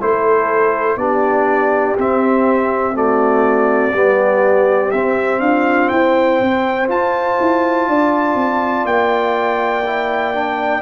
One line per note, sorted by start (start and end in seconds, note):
0.00 0.96 A3
0.00 0.98 E4
0.00 0.98 A4
0.00 0.97 C5
0.96 1.94 B3
0.96 1.97 D4
0.96 2.94 G4
0.96 1.95 D5
1.97 2.94 C4
1.97 3.93 C4
1.97 2.96 E5
2.94 3.92 A3
2.94 3.92 F#4
2.94 4.91 D5
3.92 4.91 G3
3.92 4.92 B3
3.92 5.40 G4
4.91 5.40 C4
4.91 6.87 C4
4.91 5.40 E5
5.40 5.89 D4
5.40 5.93 F4
5.40 5.89 F5
5.89 6.40 E4
5.89 7.89 C5
5.89 6.87 G5
6.40 6.88 C4
6.87 9.83 F4
6.87 7.37 F4
6.87 8.86 A5
7.40 7.88 E4
7.88 8.35 D4
7.88 10.82 D5
8.35 8.84 C4
8.85 10.81 A#3
8.85 10.82 G5
9.86 10.34 E4
10.34 10.82 D4